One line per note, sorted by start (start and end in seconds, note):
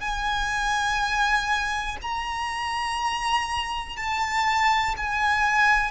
0.00 1.97 G#5
2.01 3.96 A#5
3.96 4.94 A5
4.97 5.91 G#5